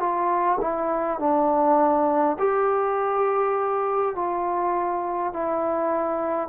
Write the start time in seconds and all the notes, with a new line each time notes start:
0.00 F4
0.61 E4
1.20 D4
2.40 G4
4.16 F4
5.34 E4